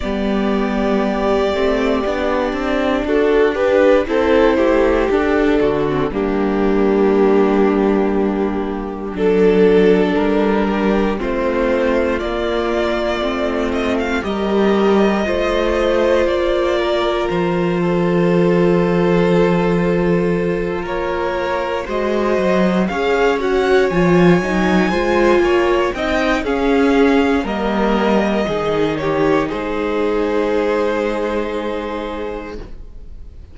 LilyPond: <<
  \new Staff \with { instrumentName = "violin" } { \time 4/4 \tempo 4 = 59 d''2. a'8 b'8 | c''4 a'4 g'2~ | g'4 a'4 ais'4 c''4 | d''4. dis''16 f''16 dis''2 |
d''4 c''2.~ | c''8 cis''4 dis''4 f''8 fis''8 gis''8~ | gis''4. g''8 f''4 dis''4~ | dis''8 cis''8 c''2. | }
  \new Staff \with { instrumentName = "violin" } { \time 4/4 g'2. fis'8 g'8 | a'8 g'4 fis'8 d'2~ | d'4 a'4. g'8 f'4~ | f'2 ais'4 c''4~ |
c''8 ais'4 a'2~ a'8~ | a'8 ais'4 c''4 cis''4.~ | cis''8 c''8 cis''8 dis''8 gis'4 ais'4 | gis'8 g'8 gis'2. | }
  \new Staff \with { instrumentName = "viola" } { \time 4/4 b4. c'8 d'2 | e'4 d'8. c'16 ais2~ | ais4 d'2 c'4 | ais4 c'4 g'4 f'4~ |
f'1~ | f'4. fis'4 gis'8 fis'8 f'8 | dis'8 f'4 dis'8 cis'4 ais4 | dis'1 | }
  \new Staff \with { instrumentName = "cello" } { \time 4/4 g4. a8 b8 c'8 d'4 | c'8 a8 d'8 d8 g2~ | g4 fis4 g4 a4 | ais4 a4 g4 a4 |
ais4 f2.~ | f8 ais4 gis8 fis8 cis'4 f8 | fis8 gis8 ais8 c'8 cis'4 g4 | dis4 gis2. | }
>>